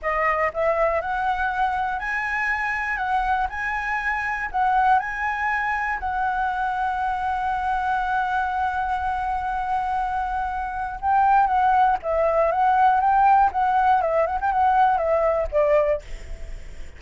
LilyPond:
\new Staff \with { instrumentName = "flute" } { \time 4/4 \tempo 4 = 120 dis''4 e''4 fis''2 | gis''2 fis''4 gis''4~ | gis''4 fis''4 gis''2 | fis''1~ |
fis''1~ | fis''2 g''4 fis''4 | e''4 fis''4 g''4 fis''4 | e''8 fis''16 g''16 fis''4 e''4 d''4 | }